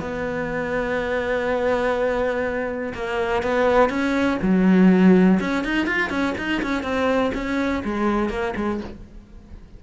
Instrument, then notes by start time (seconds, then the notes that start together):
cello
0.00 B3
2.94 A#3
3.42 B3
3.89 C#4
4.42 F#3
5.40 C#4
5.64 D#4
5.86 F4
6.10 C#4
6.38 D#4
6.62 C#4
6.82 C4
7.34 C#4
7.84 G#3
8.29 A#3
8.56 G#3